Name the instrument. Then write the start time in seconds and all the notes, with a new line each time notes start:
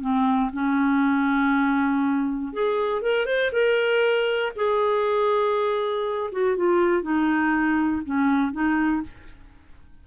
clarinet
0.00 C4
0.53 C#4
2.53 G#4
3.01 A#4
3.25 C5
3.52 A#4
4.55 G#4
6.31 F#4
6.56 F4
7.02 D#4
8.05 C#4
8.52 D#4